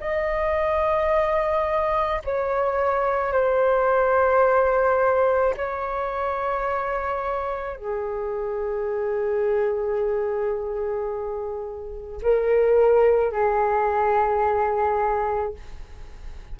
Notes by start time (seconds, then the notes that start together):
0.00 D#5
2.25 C#5
3.32 C5
5.57 C#5
7.77 G#4
12.23 A#4
13.32 G#4